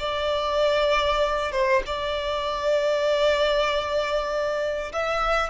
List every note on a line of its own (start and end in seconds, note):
0.00 1.53 D5
1.53 1.83 C5
1.87 4.93 D5
4.93 5.50 E5